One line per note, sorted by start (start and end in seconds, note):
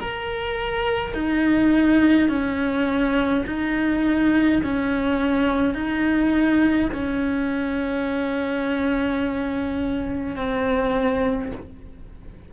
0.00 1.14 A#4
1.14 2.29 D#4
2.29 3.45 C#4
3.47 4.62 D#4
4.63 5.74 C#4
5.74 6.90 D#4
6.93 10.36 C#4
10.36 11.52 C4